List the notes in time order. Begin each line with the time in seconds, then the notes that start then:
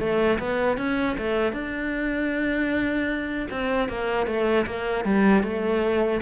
0.00 A3
0.40 B3
0.78 C#4
1.18 A3
1.53 D4
3.51 C4
3.89 A#3
4.27 A3
4.66 A#3
5.05 G3
5.44 A3